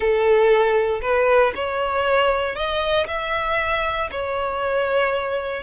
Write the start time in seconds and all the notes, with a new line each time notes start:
0.00 A4
1.01 B4
1.55 C#5
2.55 D#5
3.07 E5
4.11 C#5